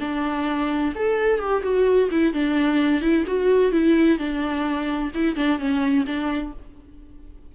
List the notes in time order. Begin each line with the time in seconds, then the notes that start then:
0.00 D4
0.95 A4
1.39 G4
1.63 F#4
2.11 E4
2.33 D4
3.01 E4
3.27 F#4
3.72 E4
4.18 D4
5.14 E4
5.36 D4
5.59 C#4
6.06 D4